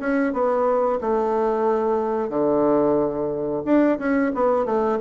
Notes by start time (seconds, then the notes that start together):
0.00 C#4
0.33 B3
1.02 A3
2.30 D3
3.65 D4
3.99 C#4
4.35 B3
4.66 A3